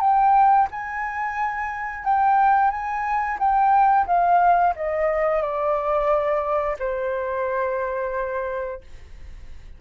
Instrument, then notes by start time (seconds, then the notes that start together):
flute
0.00 G5
0.71 G#5
2.04 G5
2.70 G#5
3.39 G5
4.07 F5
4.76 D#5
5.42 D5
6.79 C5